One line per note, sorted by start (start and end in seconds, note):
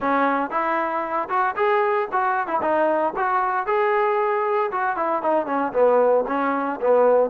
0.00 0.50 C#4
0.50 1.28 E4
1.29 1.55 F#4
1.56 2.08 G#4
2.12 2.47 F#4
2.47 2.60 E4
2.61 3.13 D#4
3.16 3.66 F#4
3.66 4.71 G#4
4.71 4.96 F#4
4.96 5.22 E4
5.22 5.46 D#4
5.46 5.72 C#4
5.72 6.25 B3
6.28 6.79 C#4
6.80 7.29 B3